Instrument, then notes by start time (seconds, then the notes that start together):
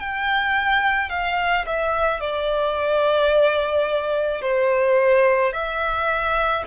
violin
0.00 G5
1.10 F5
1.67 E5
2.21 D5
4.42 C5
5.53 E5